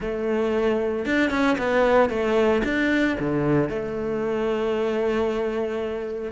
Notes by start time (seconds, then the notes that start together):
0.00 A3
1.05 D4
1.30 C#4
1.58 B3
2.09 A3
2.64 D4
3.19 D3
3.69 A3